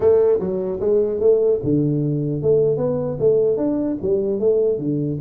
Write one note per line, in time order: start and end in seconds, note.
0.00 0.39 A3
0.39 0.79 F#3
0.80 1.19 G#3
1.19 1.59 A3
1.63 2.42 D3
2.42 2.77 A3
2.77 3.17 B3
3.19 3.57 A3
3.57 3.97 D4
4.01 4.39 G3
4.39 4.78 A3
4.78 5.18 D3